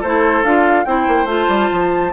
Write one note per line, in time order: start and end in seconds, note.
0.00 0.43 A3
0.00 0.45 E4
0.00 0.85 A4
0.00 0.44 C5
0.43 0.86 D4
0.43 0.86 F4
0.43 0.85 F5
0.85 1.07 C4
0.85 1.27 E4
0.85 2.12 C5
0.85 1.27 G5
1.07 1.25 A#3
1.25 1.46 A3
1.25 2.12 F4
1.31 2.12 A5
1.48 1.70 G3
1.72 2.12 F3